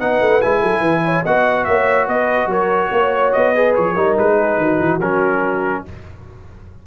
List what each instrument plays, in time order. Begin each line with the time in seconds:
0.00 tuba B3, trombone D#4, horn B4, trumpet F#5
0.21 tuba A3
0.42 tuba G#3, trombone E4, trumpet G#5
0.61 tuba F#3, horn A4
0.81 tuba E3, horn B4
1.05 horn C#5
1.24 tuba B3, trombone F#4, horn D#5, trumpet F#5
1.65 tuba A#3, horn C#5, trumpet E5
2.08 tuba B3, horn B4, trumpet D#5
2.47 tuba F#3, horn A#4, trumpet C#5
2.92 tuba A#3, horn C#5
3.33 tuba B3, trumpet D#5
3.55 trombone G#4, horn B4
3.75 tuba F3, trumpet C#5
3.94 tuba G3, trombone D#4, horn A#4
4.19 tuba G#3, trumpet B4
4.38 horn G#4
4.58 tuba D#3, horn F#4
4.80 tuba E3
5.00 tuba F#3, trombone C#4, trumpet A#4